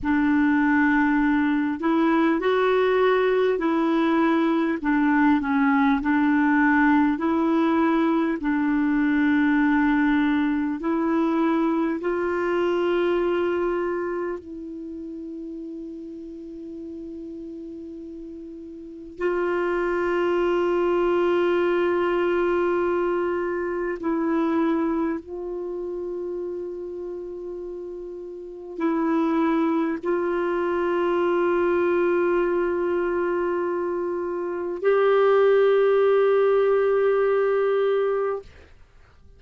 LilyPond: \new Staff \with { instrumentName = "clarinet" } { \time 4/4 \tempo 4 = 50 d'4. e'8 fis'4 e'4 | d'8 cis'8 d'4 e'4 d'4~ | d'4 e'4 f'2 | e'1 |
f'1 | e'4 f'2. | e'4 f'2.~ | f'4 g'2. | }